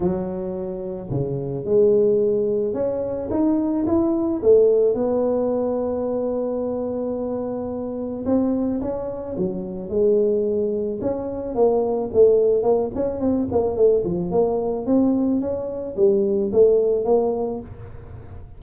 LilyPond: \new Staff \with { instrumentName = "tuba" } { \time 4/4 \tempo 4 = 109 fis2 cis4 gis4~ | gis4 cis'4 dis'4 e'4 | a4 b2.~ | b2. c'4 |
cis'4 fis4 gis2 | cis'4 ais4 a4 ais8 cis'8 | c'8 ais8 a8 f8 ais4 c'4 | cis'4 g4 a4 ais4 | }